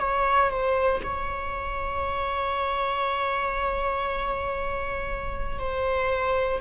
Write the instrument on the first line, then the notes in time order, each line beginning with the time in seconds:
viola
0.00 C#5
0.50 C5
1.04 C#5
5.59 C5